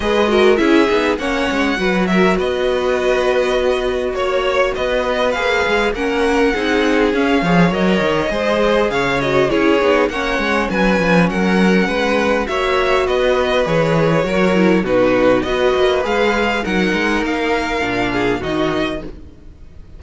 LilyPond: <<
  \new Staff \with { instrumentName = "violin" } { \time 4/4 \tempo 4 = 101 dis''4 e''4 fis''4. e''8 | dis''2. cis''4 | dis''4 f''4 fis''2 | f''4 dis''2 f''8 dis''8 |
cis''4 fis''4 gis''4 fis''4~ | fis''4 e''4 dis''4 cis''4~ | cis''4 b'4 dis''4 f''4 | fis''4 f''2 dis''4 | }
  \new Staff \with { instrumentName = "violin" } { \time 4/4 b'8 ais'8 gis'4 cis''4 b'8 ais'8 | b'2. cis''4 | b'2 ais'4 gis'4~ | gis'8 cis''4. c''4 cis''4 |
gis'4 cis''4 b'4 ais'4 | b'4 cis''4 b'2 | ais'4 fis'4 b'2 | ais'2~ ais'8 gis'8 fis'4 | }
  \new Staff \with { instrumentName = "viola" } { \time 4/4 gis'8 fis'8 e'8 dis'8 cis'4 fis'4~ | fis'1~ | fis'4 gis'4 cis'4 dis'4 | cis'8 gis'8 ais'4 gis'4. fis'8 |
e'8 dis'8 cis'2.~ | cis'4 fis'2 gis'4 | fis'8 e'8 dis'4 fis'4 gis'4 | dis'2 d'4 dis'4 | }
  \new Staff \with { instrumentName = "cello" } { \time 4/4 gis4 cis'8 b8 ais8 gis8 fis4 | b2. ais4 | b4 ais8 gis8 ais4 c'4 | cis'8 f8 fis8 dis8 gis4 cis4 |
cis'8 b8 ais8 gis8 fis8 f8 fis4 | gis4 ais4 b4 e4 | fis4 b,4 b8 ais8 gis4 | fis8 gis8 ais4 ais,4 dis4 | }
>>